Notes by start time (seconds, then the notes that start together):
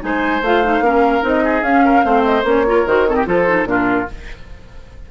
0.00 G#3 D#4 C5 G#5
0.41 A3 F4 F5
0.63 D#4
0.80 A#3 C#4 A#4
1.22 C4 D#4 D#5
1.44 G#4
1.62 C#4 F5
1.85 A#4
2.03 A3 C4 C5
2.24 D#5
2.43 A#3 C#4 C#5
2.66 F4 A#4
2.86 D#3 F#4 C5
3.06 C4 A4 C#5
3.14 G4 D#5
3.26 F3 F4 A4 C5
3.47 D#4
3.65 A#2 D4 F4 A#4